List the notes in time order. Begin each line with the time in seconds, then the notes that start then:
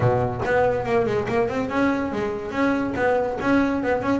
0.00 B2
0.45 B3
0.85 A#3
1.06 G#3
1.28 A#3
1.48 C4
1.69 C#4
2.12 G#3
2.51 C#4
2.96 B3
3.41 C#4
3.83 B3
4.02 C#4